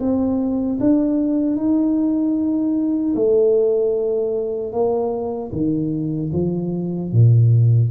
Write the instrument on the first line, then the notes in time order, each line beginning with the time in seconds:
tuba
0.00 C4
0.80 D4
1.56 D#4
3.15 A3
4.72 A#3
5.52 D#3
6.33 F3
7.12 A#2